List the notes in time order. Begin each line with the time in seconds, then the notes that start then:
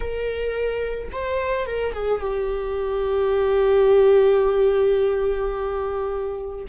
0.00 A#4
1.11 C5
1.66 A#4
1.93 G#4
2.20 G4